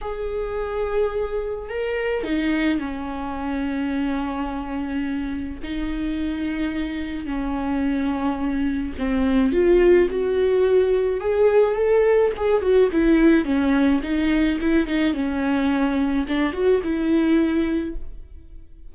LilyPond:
\new Staff \with { instrumentName = "viola" } { \time 4/4 \tempo 4 = 107 gis'2. ais'4 | dis'4 cis'2.~ | cis'2 dis'2~ | dis'4 cis'2. |
c'4 f'4 fis'2 | gis'4 a'4 gis'8 fis'8 e'4 | cis'4 dis'4 e'8 dis'8 cis'4~ | cis'4 d'8 fis'8 e'2 | }